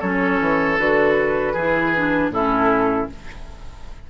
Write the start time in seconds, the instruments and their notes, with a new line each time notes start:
0.00 bassoon F#3, clarinet C#4, oboe A4, flute C#5
0.40 bassoon E3
0.78 bassoon D3, clarinet F#4, flute B4
1.53 bassoon E3, clarinet E4, oboe G#4
1.96 clarinet D4
2.29 bassoon A2, clarinet C#4, oboe E4, flute A4